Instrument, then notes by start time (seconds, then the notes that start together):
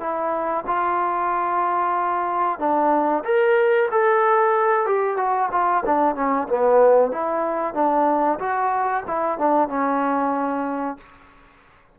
trombone
0.00 E4
0.67 F4
2.60 D4
3.25 A#4
3.91 A4
4.86 G4
5.17 F#4
5.52 F4
5.86 D4
6.15 C#4
6.48 B3
7.12 E4
7.74 D4
8.39 F#4
9.07 E4
9.38 D4
9.69 C#4